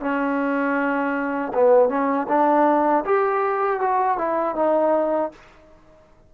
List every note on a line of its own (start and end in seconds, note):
0.00 1.52 C#4
1.54 1.89 B3
1.89 2.27 C#4
2.28 3.04 D4
3.05 3.80 G4
3.80 4.18 F#4
4.18 4.55 E4
4.55 5.31 D#4